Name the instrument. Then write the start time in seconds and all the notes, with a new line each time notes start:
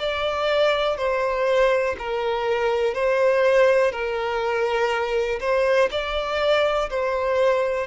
violin
0.00 D5
0.98 C5
1.99 A#4
2.95 C5
3.92 A#4
5.41 C5
5.92 D5
6.90 C5